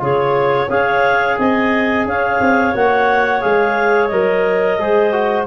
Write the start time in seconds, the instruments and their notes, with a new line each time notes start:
0.00 tuba C#3, trombone F4, clarinet G#4 C#5
0.68 tuba C#4, trombone G#4, clarinet C#5 F5
1.39 tuba C4, clarinet D#5 G#5
2.05 tuba C#4, clarinet C#5 F5
2.40 tuba C4
2.74 tuba A#3, trombone F#4, clarinet F#5
3.41 tuba G#3, trombone G#4, clarinet F5
4.07 tuba F#3, trombone A#4, clarinet D#5
4.79 tuba G#3, trombone G#4, clarinet C5
5.12 trombone F#4